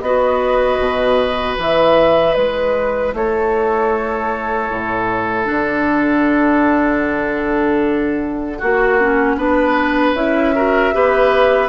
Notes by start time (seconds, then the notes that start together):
0.00 B3 F#4 B4 D#5
0.79 B2
1.58 E3 E4 E5
2.34 G#3 B4
3.13 A3 A4 C#5
4.69 A2
5.45 D3 D4 F#5
8.58 A#3 F#4
9.00 C#4
9.36 B3 D4 B4
10.13 C#4 E4 E5
10.55 F#4 A#4
10.93 B3 G4 B4